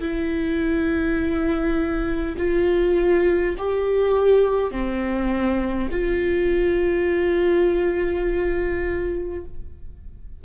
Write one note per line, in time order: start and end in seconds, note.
0.00 2.35 E4
2.37 3.55 F4
3.58 4.71 G4
4.71 5.89 C4
5.91 9.44 F4